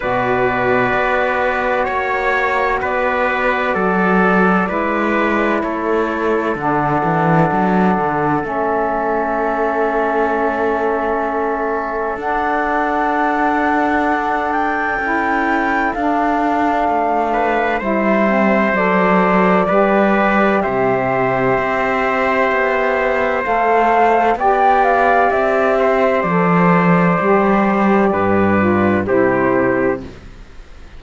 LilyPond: <<
  \new Staff \with { instrumentName = "flute" } { \time 4/4 \tempo 4 = 64 d''2 cis''4 d''4~ | d''2 cis''4 fis''4~ | fis''4 e''2.~ | e''4 fis''2~ fis''8 g''8~ |
g''4 f''2 e''4 | d''2 e''2~ | e''4 f''4 g''8 f''8 e''4 | d''2. c''4 | }
  \new Staff \with { instrumentName = "trumpet" } { \time 4/4 b'2 cis''4 b'4 | a'4 b'4 a'2~ | a'1~ | a'1~ |
a'2~ a'8 b'8 c''4~ | c''4 b'4 c''2~ | c''2 d''4. c''8~ | c''2 b'4 g'4 | }
  \new Staff \with { instrumentName = "saxophone" } { \time 4/4 fis'1~ | fis'4 e'2 d'4~ | d'4 cis'2.~ | cis'4 d'2. |
e'4 d'2 e'8 c'8 | a'4 g'2.~ | g'4 a'4 g'2 | a'4 g'4. f'8 e'4 | }
  \new Staff \with { instrumentName = "cello" } { \time 4/4 b,4 b4 ais4 b4 | fis4 gis4 a4 d8 e8 | fis8 d8 a2.~ | a4 d'2. |
cis'4 d'4 a4 g4 | fis4 g4 c4 c'4 | b4 a4 b4 c'4 | f4 g4 g,4 c4 | }
>>